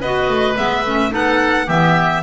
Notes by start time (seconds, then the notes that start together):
0.00 B3 F#4 B4 D#5
0.28 A3
0.55 G#3 B3 E5
0.85 A3 C#4
1.10 B3 D#4 A4 F#5
1.66 E3 B3 G4 E5